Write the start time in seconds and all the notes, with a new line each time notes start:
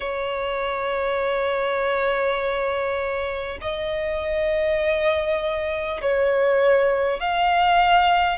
0.00 C#5
3.61 D#5
6.01 C#5
7.20 F5